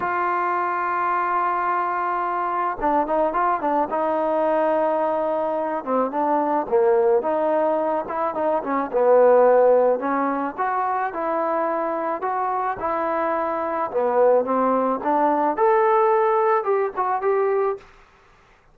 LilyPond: \new Staff \with { instrumentName = "trombone" } { \time 4/4 \tempo 4 = 108 f'1~ | f'4 d'8 dis'8 f'8 d'8 dis'4~ | dis'2~ dis'8 c'8 d'4 | ais4 dis'4. e'8 dis'8 cis'8 |
b2 cis'4 fis'4 | e'2 fis'4 e'4~ | e'4 b4 c'4 d'4 | a'2 g'8 fis'8 g'4 | }